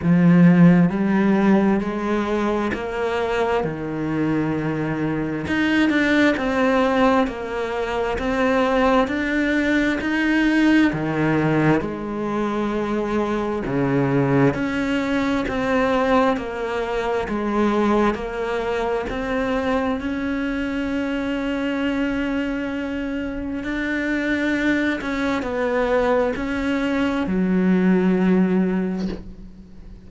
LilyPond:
\new Staff \with { instrumentName = "cello" } { \time 4/4 \tempo 4 = 66 f4 g4 gis4 ais4 | dis2 dis'8 d'8 c'4 | ais4 c'4 d'4 dis'4 | dis4 gis2 cis4 |
cis'4 c'4 ais4 gis4 | ais4 c'4 cis'2~ | cis'2 d'4. cis'8 | b4 cis'4 fis2 | }